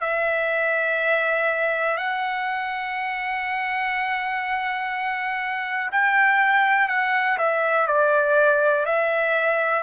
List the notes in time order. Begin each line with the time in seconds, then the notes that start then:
0.00 E5
1.97 F#5
5.92 G5
6.88 F#5
7.38 E5
7.87 D5
8.85 E5